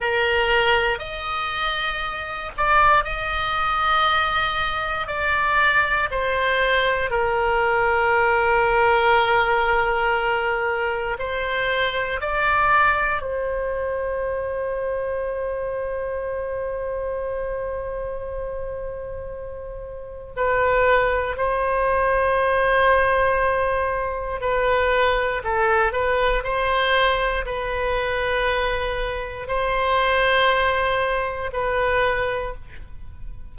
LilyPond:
\new Staff \with { instrumentName = "oboe" } { \time 4/4 \tempo 4 = 59 ais'4 dis''4. d''8 dis''4~ | dis''4 d''4 c''4 ais'4~ | ais'2. c''4 | d''4 c''2.~ |
c''1 | b'4 c''2. | b'4 a'8 b'8 c''4 b'4~ | b'4 c''2 b'4 | }